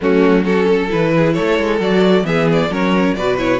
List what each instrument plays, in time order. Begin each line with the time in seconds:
0.01 cello F#3, viola A3, violin C#4 F#4
0.43 viola C#4, violin F#4 A4
0.67 violin A4
0.88 cello E3, viola E4, violin B4
1.17 violin G#4
1.33 cello A3, violin A4 C#5
1.58 cello G#3
1.79 cello F#3, viola F#4, violin D5
2.23 cello E3, viola B3, violin G#4 E5
2.52 violin D5
2.69 cello F#3, viola C#4, violin A#4 C#5
3.14 cello B2, viola F#4, violin B4 D5
3.37 viola E4, violin C#5